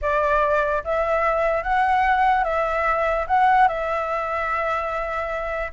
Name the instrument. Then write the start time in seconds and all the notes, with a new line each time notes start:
flute
0.01 D5
0.83 E5
1.63 F#5
2.44 E5
3.27 F#5
3.68 E5